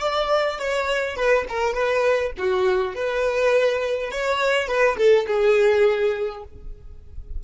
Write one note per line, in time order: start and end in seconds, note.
0.00 0.58 D5
0.59 1.16 C#5
1.16 1.45 B4
1.48 1.74 A#4
1.74 2.32 B4
2.37 2.94 F#4
2.94 4.11 B4
4.11 4.67 C#5
4.67 4.96 B4
4.97 5.26 A4
5.27 6.43 G#4